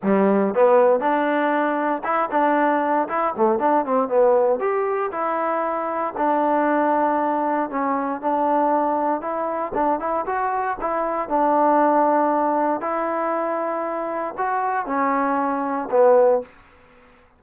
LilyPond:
\new Staff \with { instrumentName = "trombone" } { \time 4/4 \tempo 4 = 117 g4 b4 d'2 | e'8 d'4. e'8 a8 d'8 c'8 | b4 g'4 e'2 | d'2. cis'4 |
d'2 e'4 d'8 e'8 | fis'4 e'4 d'2~ | d'4 e'2. | fis'4 cis'2 b4 | }